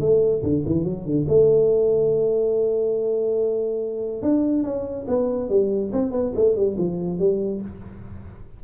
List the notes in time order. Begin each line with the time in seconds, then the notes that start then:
0.00 A3
0.43 D3
0.66 E3
0.84 F#3
1.05 D3
1.28 A3
4.22 D4
4.63 C#4
5.07 B3
5.49 G3
5.92 C4
6.11 B3
6.35 A3
6.56 G3
6.78 F3
7.19 G3